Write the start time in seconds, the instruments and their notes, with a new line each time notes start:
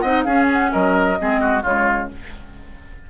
0.00 bassoon C4, clarinet D#4, oboe D#5, flute F#5
0.23 bassoon C#4, clarinet C#4, oboe G#4, flute F5
0.53 flute F#5
0.72 bassoon F#3, oboe A#4, flute D#5
1.19 bassoon G#3, clarinet C4, oboe G#4
1.41 oboe F#4
1.63 bassoon C#3, clarinet G#3, oboe F4, flute C#5